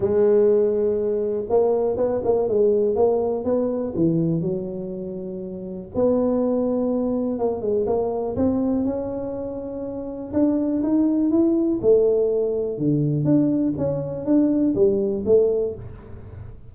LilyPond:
\new Staff \with { instrumentName = "tuba" } { \time 4/4 \tempo 4 = 122 gis2. ais4 | b8 ais8 gis4 ais4 b4 | e4 fis2. | b2. ais8 gis8 |
ais4 c'4 cis'2~ | cis'4 d'4 dis'4 e'4 | a2 d4 d'4 | cis'4 d'4 g4 a4 | }